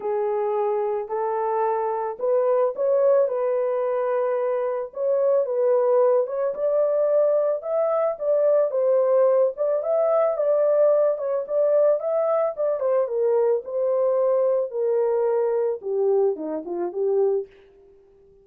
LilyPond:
\new Staff \with { instrumentName = "horn" } { \time 4/4 \tempo 4 = 110 gis'2 a'2 | b'4 cis''4 b'2~ | b'4 cis''4 b'4. cis''8 | d''2 e''4 d''4 |
c''4. d''8 e''4 d''4~ | d''8 cis''8 d''4 e''4 d''8 c''8 | ais'4 c''2 ais'4~ | ais'4 g'4 dis'8 f'8 g'4 | }